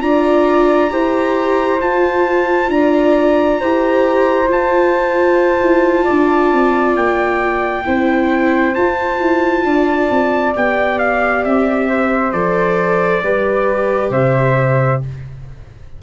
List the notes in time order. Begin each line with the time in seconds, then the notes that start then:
0.00 D4 F4 D5 A#5
0.90 E4 G4 C5
1.81 F4 A5
2.68 D4 D5 A#5
3.60 E4 G4 C5
4.46 F4 A5
5.61 E4
6.03 D4 D5
6.52 C4
6.96 A#3 G5
7.85 C4 E4 C5
8.74 F4 A5
9.20 E4
9.64 D4 D5
10.10 C4
10.54 B3 G4 G5
10.99 F5
11.44 C4 E5
11.88 C5
12.32 F3 A4 D5
13.23 G3 G4 B4
14.10 C3 C5 E5